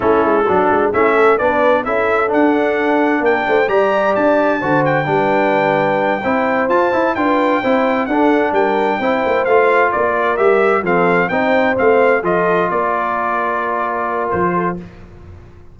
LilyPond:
<<
  \new Staff \with { instrumentName = "trumpet" } { \time 4/4 \tempo 4 = 130 a'2 e''4 d''4 | e''4 fis''2 g''4 | ais''4 a''4. g''4.~ | g''2~ g''8 a''4 g''8~ |
g''4. fis''4 g''4.~ | g''8 f''4 d''4 e''4 f''8~ | f''8 g''4 f''4 dis''4 d''8~ | d''2. c''4 | }
  \new Staff \with { instrumentName = "horn" } { \time 4/4 e'4 fis'4 e'8 a'8 b'4 | a'2. ais'8 c''8 | d''2 c''4 b'4~ | b'4. c''2 b'8~ |
b'8 c''4 a'4 ais'4 c''8~ | c''4. ais'2 a'8~ | a'8 c''2 a'4 ais'8~ | ais'2.~ ais'8 a'8 | }
  \new Staff \with { instrumentName = "trombone" } { \time 4/4 cis'4 d'4 cis'4 d'4 | e'4 d'2. | g'2 fis'4 d'4~ | d'4. e'4 f'8 e'8 f'8~ |
f'8 e'4 d'2 e'8~ | e'8 f'2 g'4 c'8~ | c'8 dis'4 c'4 f'4.~ | f'1 | }
  \new Staff \with { instrumentName = "tuba" } { \time 4/4 a8 gis8 fis8 gis8 a4 b4 | cis'4 d'2 ais8 a8 | g4 d'4 d4 g4~ | g4. c'4 f'8 e'8 d'8~ |
d'8 c'4 d'4 g4 c'8 | ais8 a4 ais4 g4 f8~ | f8 c'4 a4 f4 ais8~ | ais2. f4 | }
>>